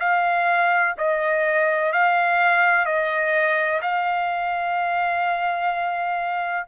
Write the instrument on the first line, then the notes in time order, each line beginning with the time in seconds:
trumpet
0.00 F5
0.98 D#5
1.93 F5
2.86 D#5
3.82 F5